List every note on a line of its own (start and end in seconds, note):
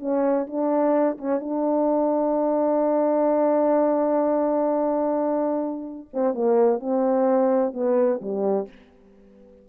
0.00 0.47 C#4
0.47 1.17 D4
1.18 1.40 C#4
1.40 6.09 D4
6.13 6.34 C4
6.34 6.80 A#3
6.80 7.74 C4
7.74 8.21 B3
8.22 8.68 G3